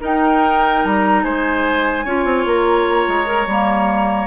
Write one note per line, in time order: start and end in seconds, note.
0.00 2.04 D#4
0.00 0.84 D#4
0.00 1.23 A#4
0.00 0.84 G5
0.84 1.23 G3
0.84 1.23 A#5
1.23 2.05 G#3
1.23 2.05 C5
1.23 2.45 G#5
2.05 2.24 C#4
2.05 3.25 F4
2.05 4.26 C#5
2.24 2.44 C4
2.45 3.06 A#3
2.45 4.26 A#5
3.08 3.46 G#3
3.25 3.46 A#4
3.46 4.26 G3
3.46 4.26 A#3